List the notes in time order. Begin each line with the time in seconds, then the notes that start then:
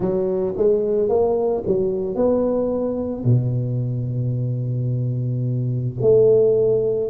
0.00 F#3
0.57 G#3
1.09 A#3
1.67 F#3
2.15 B3
3.24 B2
6.00 A3